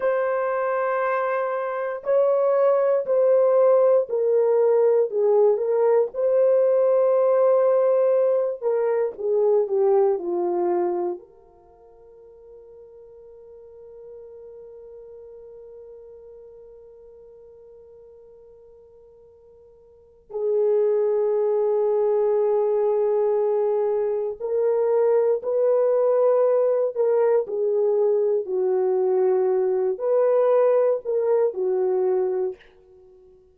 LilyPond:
\new Staff \with { instrumentName = "horn" } { \time 4/4 \tempo 4 = 59 c''2 cis''4 c''4 | ais'4 gis'8 ais'8 c''2~ | c''8 ais'8 gis'8 g'8 f'4 ais'4~ | ais'1~ |
ais'1 | gis'1 | ais'4 b'4. ais'8 gis'4 | fis'4. b'4 ais'8 fis'4 | }